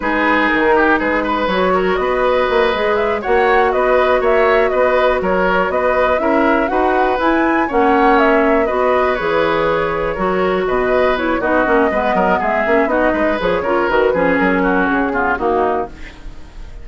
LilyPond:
<<
  \new Staff \with { instrumentName = "flute" } { \time 4/4 \tempo 4 = 121 b'4 ais'4 b'4 cis''4 | dis''2 e''8 fis''4 dis''8~ | dis''8 e''4 dis''4 cis''4 dis''8~ | dis''8 e''4 fis''4 gis''4 fis''8~ |
fis''8 e''4 dis''4 cis''4.~ | cis''4. dis''4 cis''8 dis''4~ | dis''4 e''4 dis''4 cis''4 | b'4 ais'4 gis'4 fis'4 | }
  \new Staff \with { instrumentName = "oboe" } { \time 4/4 gis'4. g'8 gis'8 b'4 ais'8 | b'2~ b'8 cis''4 b'8~ | b'8 cis''4 b'4 ais'4 b'8~ | b'8 ais'4 b'2 cis''8~ |
cis''4. b'2~ b'8~ | b'8 ais'4 b'4. fis'4 | b'8 ais'8 gis'4 fis'8 b'4 ais'8~ | ais'8 gis'4 fis'4 f'8 dis'4 | }
  \new Staff \with { instrumentName = "clarinet" } { \time 4/4 dis'2. fis'4~ | fis'4. gis'4 fis'4.~ | fis'1~ | fis'8 e'4 fis'4 e'4 cis'8~ |
cis'4. fis'4 gis'4.~ | gis'8 fis'2 e'8 dis'8 cis'8 | b4. cis'8 dis'4 gis'8 f'8 | fis'8 cis'2 b8 ais4 | }
  \new Staff \with { instrumentName = "bassoon" } { \time 4/4 gis4 dis4 gis4 fis4 | b4 ais8 gis4 ais4 b8~ | b8 ais4 b4 fis4 b8~ | b8 cis'4 dis'4 e'4 ais8~ |
ais4. b4 e4.~ | e8 fis4 b,4. b8 ais8 | gis8 fis8 gis8 ais8 b8 gis8 f8 cis8 | dis8 f8 fis4 cis4 dis4 | }
>>